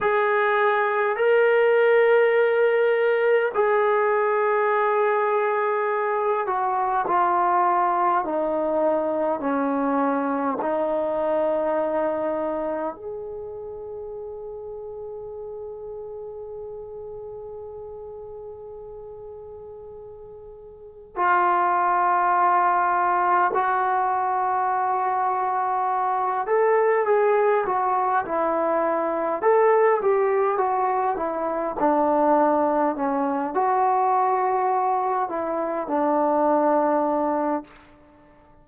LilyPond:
\new Staff \with { instrumentName = "trombone" } { \time 4/4 \tempo 4 = 51 gis'4 ais'2 gis'4~ | gis'4. fis'8 f'4 dis'4 | cis'4 dis'2 gis'4~ | gis'1~ |
gis'2 f'2 | fis'2~ fis'8 a'8 gis'8 fis'8 | e'4 a'8 g'8 fis'8 e'8 d'4 | cis'8 fis'4. e'8 d'4. | }